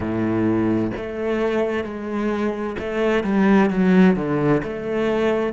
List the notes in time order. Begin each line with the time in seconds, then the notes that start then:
0.00 A2
0.96 A3
1.83 G#3
2.79 A3
3.23 G3
3.70 F#3
4.15 D3
4.63 A3